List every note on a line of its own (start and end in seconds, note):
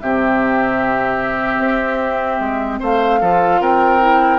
0.00 1.59 C3
0.00 3.22 C4
0.00 2.80 G4
0.00 2.80 E5
1.59 2.39 C4
2.39 2.79 G#3
2.80 3.21 A3
2.80 3.20 C5
2.80 3.62 F5
3.21 3.61 F3
3.21 4.00 F4
3.21 3.61 A4
3.61 4.39 C4
3.61 4.39 A#4
3.61 4.39 G5
4.00 4.39 E4